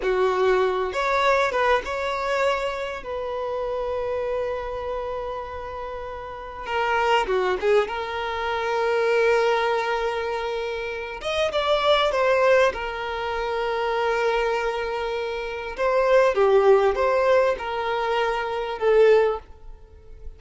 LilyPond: \new Staff \with { instrumentName = "violin" } { \time 4/4 \tempo 4 = 99 fis'4. cis''4 b'8 cis''4~ | cis''4 b'2.~ | b'2. ais'4 | fis'8 gis'8 ais'2.~ |
ais'2~ ais'8 dis''8 d''4 | c''4 ais'2.~ | ais'2 c''4 g'4 | c''4 ais'2 a'4 | }